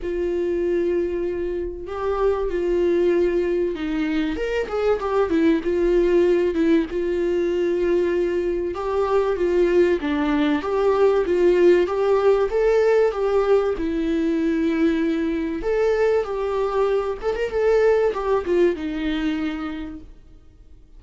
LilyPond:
\new Staff \with { instrumentName = "viola" } { \time 4/4 \tempo 4 = 96 f'2. g'4 | f'2 dis'4 ais'8 gis'8 | g'8 e'8 f'4. e'8 f'4~ | f'2 g'4 f'4 |
d'4 g'4 f'4 g'4 | a'4 g'4 e'2~ | e'4 a'4 g'4. a'16 ais'16 | a'4 g'8 f'8 dis'2 | }